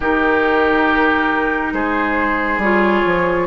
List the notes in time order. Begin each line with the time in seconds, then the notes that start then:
0.00 D#3 D#4 G4 A#4
1.72 G#3 G#4 C5
2.58 G3 F4 C#5
3.05 F3